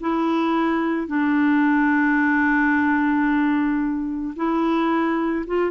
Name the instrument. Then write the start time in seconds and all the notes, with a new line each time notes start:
clarinet
0.00 E4
1.07 D4
4.36 E4
5.46 F4